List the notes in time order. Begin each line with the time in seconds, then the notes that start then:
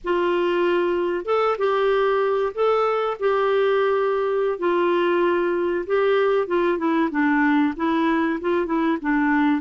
0.03 F4
1.25 A4
1.58 G4
2.54 A4
3.19 G4
4.58 F4
5.86 G4
6.47 F4
6.78 E4
7.11 D4
7.76 E4
8.41 F4
8.66 E4
9.01 D4